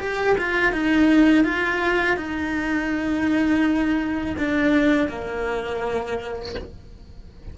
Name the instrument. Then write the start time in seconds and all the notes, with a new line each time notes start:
cello
0.00 G4
0.38 F4
0.73 D#4
1.45 F4
2.17 D#4
4.38 D4
5.09 A#3